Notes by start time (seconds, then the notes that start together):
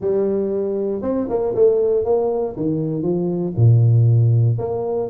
0.00 G3
1.02 C4
1.29 A#3
1.55 A3
2.04 A#3
2.56 D#3
3.02 F3
3.56 A#2
4.58 A#3